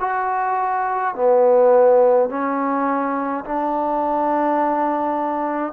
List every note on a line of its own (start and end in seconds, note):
0.00 1.15 F#4
1.15 2.29 B3
2.29 3.44 C#4
3.45 5.73 D4